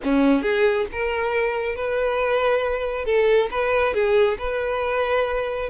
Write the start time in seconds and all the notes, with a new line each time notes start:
0.03 C#4
0.42 G#4
0.92 A#4
1.75 B4
3.05 A4
3.50 B4
3.94 G#4
4.38 B4